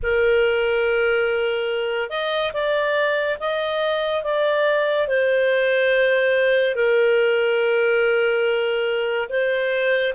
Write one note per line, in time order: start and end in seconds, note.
0.02 2.09 A#4
2.09 2.51 D#5
2.53 3.38 D5
3.39 4.23 D#5
4.23 5.07 D5
5.07 6.75 C5
6.75 9.28 A#4
9.29 10.13 C5